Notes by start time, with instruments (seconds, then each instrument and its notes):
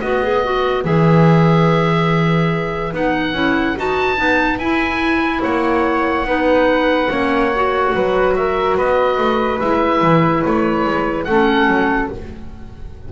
0.00 double bass B3, clarinet F#4, flute B4, oboe D#5
0.23 clarinet G#4
0.44 clarinet F#4
0.84 double bass E3, clarinet G#4, oboe E5
2.93 double bass B3, clarinet D#4, oboe F#5
3.32 double bass C#4, clarinet E4
3.76 double bass D#4, clarinet F#4, oboe A5
4.16 double bass B3, clarinet D#4
4.58 double bass E4, clarinet E4, oboe G#5
5.42 double bass A#3, flute C#5, oboe F#5
6.25 double bass B3, clarinet D#4, flute B4
7.10 double bass A#3, clarinet C#4, flute C#5
7.55 clarinet F#4
7.94 double bass F#3, flute B4
8.35 flute A#4, oboe E5
8.77 double bass B3, flute B4, oboe D#5
9.18 double bass A3
9.60 double bass G#3, clarinet E4, oboe E5
10.01 double bass E3
10.45 double bass A3, oboe C#5
10.85 double bass G#3
11.24 double bass A3, clarinet C#4, flute A4, oboe F#5
11.67 double bass F#3